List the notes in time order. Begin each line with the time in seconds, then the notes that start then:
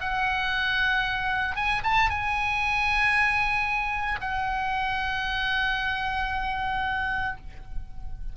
0.00 F#5
1.56 G#5
1.83 A5
2.09 G#5
4.20 F#5